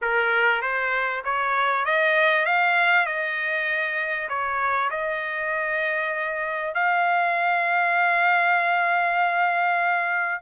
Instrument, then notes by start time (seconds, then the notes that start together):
trumpet
0.01 A#4
0.61 C5
1.24 C#5
1.85 D#5
2.45 F5
3.06 D#5
4.29 C#5
4.90 D#5
6.74 F5